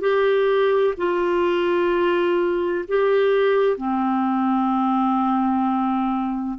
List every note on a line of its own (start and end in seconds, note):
0.00 0.94 G4
0.97 2.84 F4
2.88 3.77 G4
3.77 6.58 C4